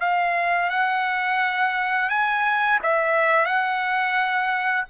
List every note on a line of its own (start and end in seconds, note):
0.00 0.70 F5
0.70 2.09 F#5
2.09 2.79 G#5
2.83 3.45 E5
3.45 4.85 F#5